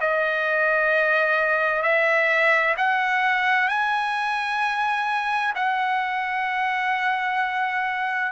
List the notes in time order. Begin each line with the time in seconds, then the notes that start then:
0.00 D#5
1.82 E5
2.77 F#5
3.68 G#5
5.55 F#5